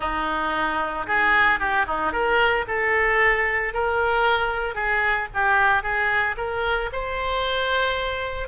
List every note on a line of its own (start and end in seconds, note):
0.00 1.06 D#4
1.06 1.59 G#4
1.59 1.86 G4
1.86 2.12 D#4
2.12 2.65 A#4
2.67 3.73 A4
3.73 4.74 A#4
4.74 5.28 G#4
5.34 5.82 G4
5.82 6.35 G#4
6.37 6.90 A#4
6.92 8.48 C5